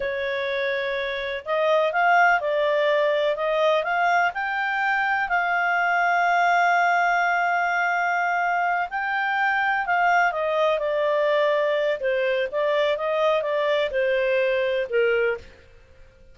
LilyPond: \new Staff \with { instrumentName = "clarinet" } { \time 4/4 \tempo 4 = 125 cis''2. dis''4 | f''4 d''2 dis''4 | f''4 g''2 f''4~ | f''1~ |
f''2~ f''8 g''4.~ | g''8 f''4 dis''4 d''4.~ | d''4 c''4 d''4 dis''4 | d''4 c''2 ais'4 | }